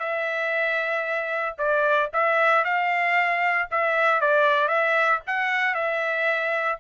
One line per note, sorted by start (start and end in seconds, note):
0.00 1.57 E5
1.58 2.11 D5
2.14 2.65 E5
2.65 3.69 F5
3.71 4.21 E5
4.21 4.69 D5
4.69 5.21 E5
5.27 5.75 F#5
5.75 6.79 E5